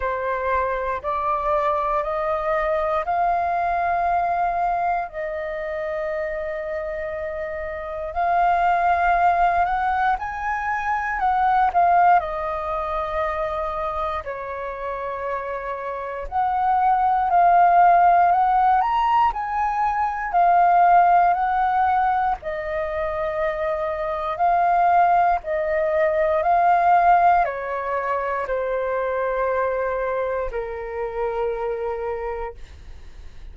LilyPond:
\new Staff \with { instrumentName = "flute" } { \time 4/4 \tempo 4 = 59 c''4 d''4 dis''4 f''4~ | f''4 dis''2. | f''4. fis''8 gis''4 fis''8 f''8 | dis''2 cis''2 |
fis''4 f''4 fis''8 ais''8 gis''4 | f''4 fis''4 dis''2 | f''4 dis''4 f''4 cis''4 | c''2 ais'2 | }